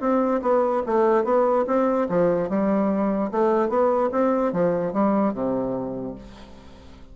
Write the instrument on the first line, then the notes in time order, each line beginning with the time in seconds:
bassoon
0.00 C4
0.42 B3
0.86 A3
1.24 B3
1.67 C4
2.09 F3
2.49 G3
3.31 A3
3.69 B3
4.11 C4
4.52 F3
4.93 G3
5.33 C3